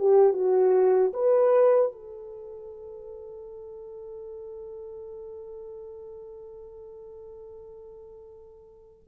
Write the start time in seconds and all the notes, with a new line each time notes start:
0.00 G4
0.34 F#4
1.14 B4
1.93 A4